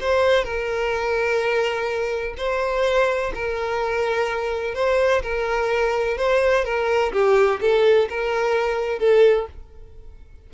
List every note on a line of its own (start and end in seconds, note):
0.00 0.44 C5
0.44 2.34 A#4
2.37 3.32 C5
3.34 4.75 A#4
4.75 5.22 C5
5.22 6.17 A#4
6.17 6.64 C5
6.64 7.12 A#4
7.12 7.60 G4
7.61 8.08 A4
8.09 8.99 A#4
8.99 9.47 A4